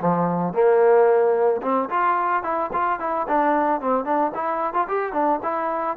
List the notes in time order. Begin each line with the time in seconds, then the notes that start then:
0.00 F3
0.53 A#3
1.62 C4
1.89 F4
2.43 E4
2.72 F4
2.99 E4
3.28 D4
3.81 C4
4.04 D4
4.34 E4
4.73 F4
4.88 G4
5.13 D4
5.42 E4